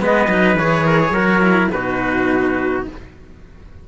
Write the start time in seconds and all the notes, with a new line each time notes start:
0.00 G#3 B3 B4 D#5
0.28 F#3 D#4
0.56 E3 G#4 C#5
0.86 A#4
1.01 G#4
1.11 F#3 F#4 A#4
1.42 E4
1.71 B2 D#4 F#4 B4